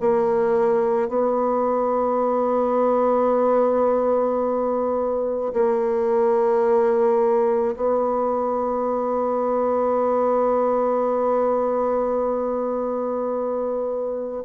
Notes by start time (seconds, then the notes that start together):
0.00 A#3
1.08 B3
5.53 A#3
7.76 B3